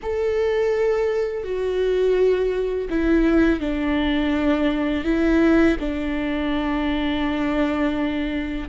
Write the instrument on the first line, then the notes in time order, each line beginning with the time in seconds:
viola
0.02 A4
1.43 F#4
2.89 E4
3.59 D4
5.04 E4
5.79 D4